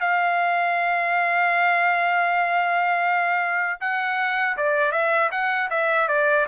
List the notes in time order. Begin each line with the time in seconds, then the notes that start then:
0.00 F5
3.80 F#5
4.57 D5
4.92 E5
5.31 F#5
5.70 E5
6.08 D5